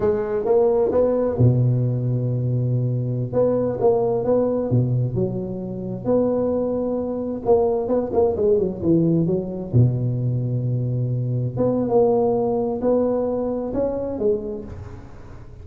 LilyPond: \new Staff \with { instrumentName = "tuba" } { \time 4/4 \tempo 4 = 131 gis4 ais4 b4 b,4~ | b,2.~ b,16 b8.~ | b16 ais4 b4 b,4 fis8.~ | fis4~ fis16 b2~ b8.~ |
b16 ais4 b8 ais8 gis8 fis8 e8.~ | e16 fis4 b,2~ b,8.~ | b,4~ b,16 b8. ais2 | b2 cis'4 gis4 | }